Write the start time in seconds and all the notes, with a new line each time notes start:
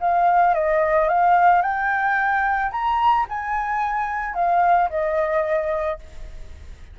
0.00 F5
0.54 D#5
1.08 F5
1.62 G5
2.71 A#5
3.29 G#5
4.34 F5
4.89 D#5